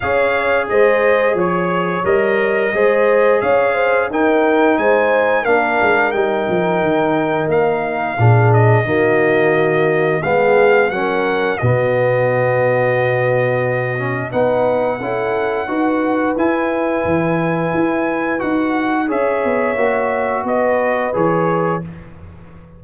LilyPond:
<<
  \new Staff \with { instrumentName = "trumpet" } { \time 4/4 \tempo 4 = 88 f''4 dis''4 cis''4 dis''4~ | dis''4 f''4 g''4 gis''4 | f''4 g''2 f''4~ | f''8 dis''2~ dis''8 f''4 |
fis''4 dis''2.~ | dis''4 fis''2. | gis''2. fis''4 | e''2 dis''4 cis''4 | }
  \new Staff \with { instrumentName = "horn" } { \time 4/4 cis''4 c''4 cis''2 | c''4 cis''8 c''8 ais'4 c''4 | ais'1 | gis'4 fis'2 gis'4 |
ais'4 fis'2.~ | fis'4 b'4 a'4 b'4~ | b'1 | cis''2 b'2 | }
  \new Staff \with { instrumentName = "trombone" } { \time 4/4 gis'2. ais'4 | gis'2 dis'2 | d'4 dis'2. | d'4 ais2 b4 |
cis'4 b2.~ | b8 cis'8 dis'4 e'4 fis'4 | e'2. fis'4 | gis'4 fis'2 gis'4 | }
  \new Staff \with { instrumentName = "tuba" } { \time 4/4 cis'4 gis4 f4 g4 | gis4 cis'4 dis'4 gis4 | ais8 gis8 g8 f8 dis4 ais4 | ais,4 dis2 gis4 |
fis4 b,2.~ | b,4 b4 cis'4 dis'4 | e'4 e4 e'4 dis'4 | cis'8 b8 ais4 b4 e4 | }
>>